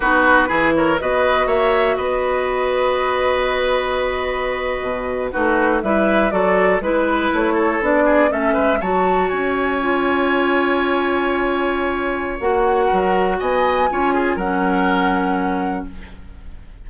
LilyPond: <<
  \new Staff \with { instrumentName = "flute" } { \time 4/4 \tempo 4 = 121 b'4. cis''8 dis''4 e''4 | dis''1~ | dis''2~ dis''8. b'4 e''16~ | e''8. d''4 b'4 cis''4 d''16~ |
d''8. e''4 a''4 gis''4~ gis''16~ | gis''1~ | gis''4 fis''2 gis''4~ | gis''4 fis''2. | }
  \new Staff \with { instrumentName = "oboe" } { \time 4/4 fis'4 gis'8 ais'8 b'4 cis''4 | b'1~ | b'2~ b'8. fis'4 b'16~ | b'8. a'4 b'4. a'8.~ |
a'16 gis'8 a'8 b'8 cis''2~ cis''16~ | cis''1~ | cis''2 ais'4 dis''4 | cis''8 gis'8 ais'2. | }
  \new Staff \with { instrumentName = "clarinet" } { \time 4/4 dis'4 e'4 fis'2~ | fis'1~ | fis'2~ fis'8. dis'4 e'16~ | e'8. fis'4 e'2 d'16~ |
d'8. cis'4 fis'2 f'16~ | f'1~ | f'4 fis'2. | f'4 cis'2. | }
  \new Staff \with { instrumentName = "bassoon" } { \time 4/4 b4 e4 b4 ais4 | b1~ | b4.~ b16 b,4 a4 g16~ | g8. fis4 gis4 a4 b16~ |
b8. a8 gis8 fis4 cis'4~ cis'16~ | cis'1~ | cis'4 ais4 fis4 b4 | cis'4 fis2. | }
>>